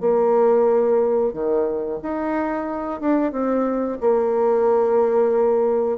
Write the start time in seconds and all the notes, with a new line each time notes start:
0.00 A#3
1.33 D#3
2.02 D#4
3.00 D4
3.32 C4
4.01 A#3